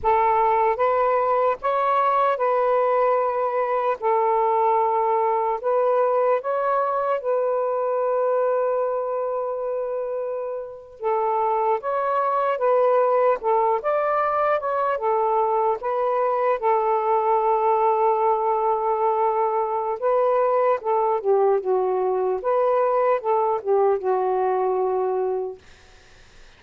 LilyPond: \new Staff \with { instrumentName = "saxophone" } { \time 4/4 \tempo 4 = 75 a'4 b'4 cis''4 b'4~ | b'4 a'2 b'4 | cis''4 b'2.~ | b'4.~ b'16 a'4 cis''4 b'16~ |
b'8. a'8 d''4 cis''8 a'4 b'16~ | b'8. a'2.~ a'16~ | a'4 b'4 a'8 g'8 fis'4 | b'4 a'8 g'8 fis'2 | }